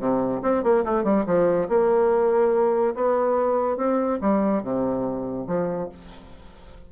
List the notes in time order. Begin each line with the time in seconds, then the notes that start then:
0.00 C3
0.43 C4
0.64 A#3
0.85 A3
1.04 G3
1.27 F3
1.69 A#3
2.95 B3
3.77 C4
4.22 G3
4.63 C3
5.48 F3